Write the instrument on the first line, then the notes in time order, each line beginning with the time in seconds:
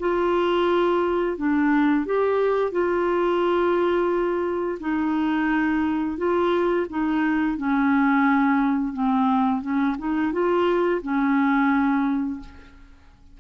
clarinet
0.00 F4
1.38 D4
2.06 G4
2.72 F4
4.80 D#4
6.18 F4
6.90 D#4
7.57 C#4
8.93 C4
9.62 C#4
9.98 D#4
10.33 F4
11.02 C#4